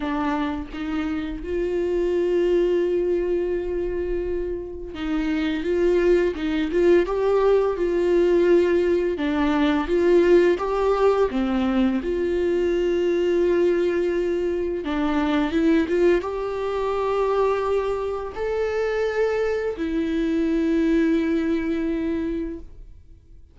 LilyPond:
\new Staff \with { instrumentName = "viola" } { \time 4/4 \tempo 4 = 85 d'4 dis'4 f'2~ | f'2. dis'4 | f'4 dis'8 f'8 g'4 f'4~ | f'4 d'4 f'4 g'4 |
c'4 f'2.~ | f'4 d'4 e'8 f'8 g'4~ | g'2 a'2 | e'1 | }